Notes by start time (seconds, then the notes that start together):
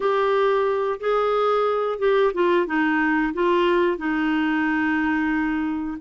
0.00 G4
1.00 G#4
1.98 G4
2.33 F4
2.66 D#4
3.33 F4
3.97 D#4